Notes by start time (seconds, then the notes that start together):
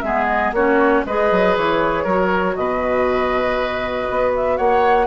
0.00 G#3 B3 G#4 E5
0.27 D#5
0.52 A#3 C#4 F#4 C#5
1.06 G#3 G#4 B4 D#5
1.31 F#3
1.57 E3 C#5
2.04 F#3 F#4 A#4
2.56 B2 B4 D#5
4.10 B3
4.36 E5
4.57 A#3 C#5 F#5